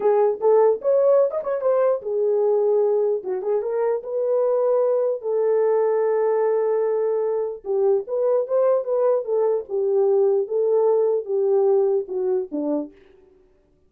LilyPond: \new Staff \with { instrumentName = "horn" } { \time 4/4 \tempo 4 = 149 gis'4 a'4 cis''4~ cis''16 dis''16 cis''8 | c''4 gis'2. | fis'8 gis'8 ais'4 b'2~ | b'4 a'2.~ |
a'2. g'4 | b'4 c''4 b'4 a'4 | g'2 a'2 | g'2 fis'4 d'4 | }